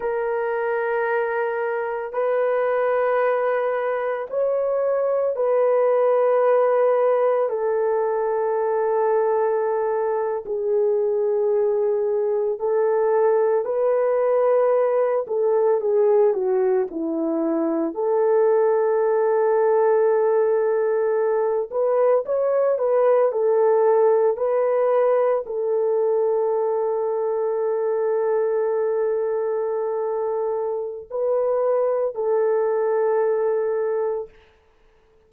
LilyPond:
\new Staff \with { instrumentName = "horn" } { \time 4/4 \tempo 4 = 56 ais'2 b'2 | cis''4 b'2 a'4~ | a'4.~ a'16 gis'2 a'16~ | a'8. b'4. a'8 gis'8 fis'8 e'16~ |
e'8. a'2.~ a'16~ | a'16 b'8 cis''8 b'8 a'4 b'4 a'16~ | a'1~ | a'4 b'4 a'2 | }